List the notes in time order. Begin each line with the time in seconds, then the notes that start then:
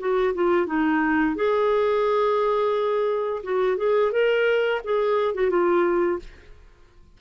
0.00 F#4
0.35 F4
0.67 D#4
1.36 G#4
3.44 F#4
3.78 G#4
4.13 A#4
4.85 G#4
5.35 F#4
5.50 F4